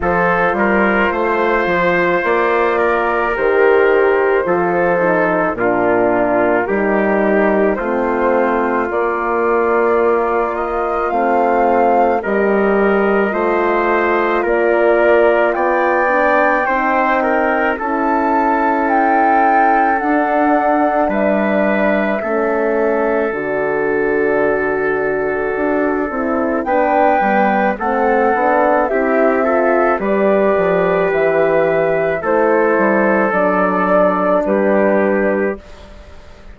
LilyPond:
<<
  \new Staff \with { instrumentName = "flute" } { \time 4/4 \tempo 4 = 54 c''2 d''4 c''4~ | c''4 ais'2 c''4 | d''4. dis''8 f''4 dis''4~ | dis''4 d''4 g''2 |
a''4 g''4 fis''4 e''4~ | e''4 d''2. | g''4 fis''4 e''4 d''4 | e''4 c''4 d''4 b'4 | }
  \new Staff \with { instrumentName = "trumpet" } { \time 4/4 a'8 ais'8 c''4. ais'4. | a'4 f'4 g'4 f'4~ | f'2. ais'4 | c''4 ais'4 d''4 c''8 ais'8 |
a'2. b'4 | a'1 | b'4 a'4 g'8 a'8 b'4~ | b'4 a'2 g'4 | }
  \new Staff \with { instrumentName = "horn" } { \time 4/4 f'2. g'4 | f'8 dis'8 d'4 dis'4 c'4 | ais2 c'4 g'4 | f'2~ f'8 d'8 dis'4 |
e'2 d'2 | cis'4 fis'2~ fis'8 e'8 | d'8 b8 c'8 d'8 e'8 f'8 g'4~ | g'4 e'4 d'2 | }
  \new Staff \with { instrumentName = "bassoon" } { \time 4/4 f8 g8 a8 f8 ais4 dis4 | f4 ais,4 g4 a4 | ais2 a4 g4 | a4 ais4 b4 c'4 |
cis'2 d'4 g4 | a4 d2 d'8 c'8 | b8 g8 a8 b8 c'4 g8 f8 | e4 a8 g8 fis4 g4 | }
>>